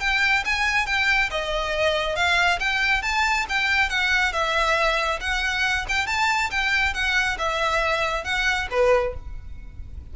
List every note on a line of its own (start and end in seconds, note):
0.00 0.43 G5
0.45 0.86 G#5
0.86 1.29 G5
1.30 2.15 D#5
2.15 2.59 F5
2.59 3.02 G5
3.02 3.45 A5
3.49 3.89 G5
3.89 4.32 F#5
4.32 5.19 E5
5.20 5.86 F#5
5.88 6.07 G5
6.07 6.50 A5
6.50 6.94 G5
6.94 7.37 F#5
7.38 8.24 E5
8.24 8.68 F#5
8.70 9.14 B4